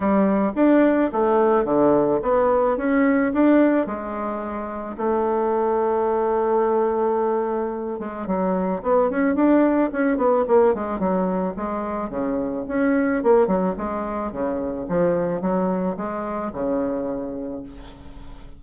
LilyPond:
\new Staff \with { instrumentName = "bassoon" } { \time 4/4 \tempo 4 = 109 g4 d'4 a4 d4 | b4 cis'4 d'4 gis4~ | gis4 a2.~ | a2~ a8 gis8 fis4 |
b8 cis'8 d'4 cis'8 b8 ais8 gis8 | fis4 gis4 cis4 cis'4 | ais8 fis8 gis4 cis4 f4 | fis4 gis4 cis2 | }